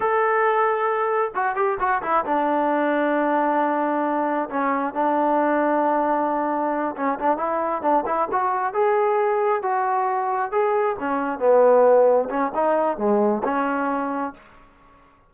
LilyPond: \new Staff \with { instrumentName = "trombone" } { \time 4/4 \tempo 4 = 134 a'2. fis'8 g'8 | fis'8 e'8 d'2.~ | d'2 cis'4 d'4~ | d'2.~ d'8 cis'8 |
d'8 e'4 d'8 e'8 fis'4 gis'8~ | gis'4. fis'2 gis'8~ | gis'8 cis'4 b2 cis'8 | dis'4 gis4 cis'2 | }